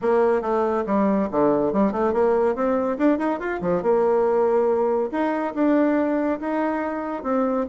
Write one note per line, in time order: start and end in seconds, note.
0.01 0.41 A#3
0.41 0.84 A3
0.86 1.28 G3
1.31 1.73 D3
1.73 1.92 G3
1.92 2.13 A3
2.13 2.55 A#3
2.55 2.97 C4
2.98 3.18 D4
3.18 3.39 D#4
3.39 3.61 F4
3.61 3.82 F3
3.82 5.09 A#3
5.11 5.54 D#4
5.54 6.39 D4
6.40 7.23 D#4
7.23 7.66 C4